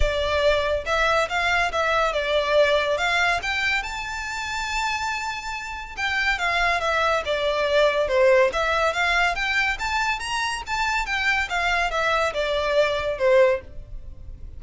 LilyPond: \new Staff \with { instrumentName = "violin" } { \time 4/4 \tempo 4 = 141 d''2 e''4 f''4 | e''4 d''2 f''4 | g''4 a''2.~ | a''2 g''4 f''4 |
e''4 d''2 c''4 | e''4 f''4 g''4 a''4 | ais''4 a''4 g''4 f''4 | e''4 d''2 c''4 | }